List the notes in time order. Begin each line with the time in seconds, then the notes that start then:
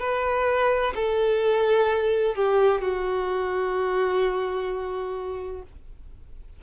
0.00 B4
0.95 A4
2.35 G4
2.81 F#4